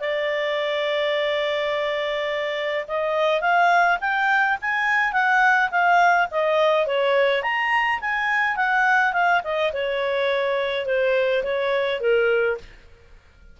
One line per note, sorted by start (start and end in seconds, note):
0.00 2.86 D5
2.88 3.41 D#5
3.41 3.98 F5
4.01 4.58 G5
4.61 5.12 G#5
5.12 5.70 F#5
5.71 6.28 F5
6.31 6.86 D#5
6.86 7.43 C#5
7.43 8.00 A#5
8.01 8.56 G#5
8.56 9.13 F#5
9.13 9.41 F5
9.44 9.72 D#5
9.73 10.86 C#5
10.86 11.43 C5
11.43 12.01 C#5
12.01 12.58 A#4